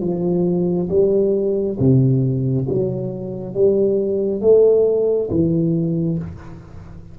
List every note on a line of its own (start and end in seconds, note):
0.00 0.88 F3
0.89 1.78 G3
1.79 2.68 C3
2.69 3.54 F#3
3.54 4.41 G3
4.41 5.29 A3
5.30 6.18 E3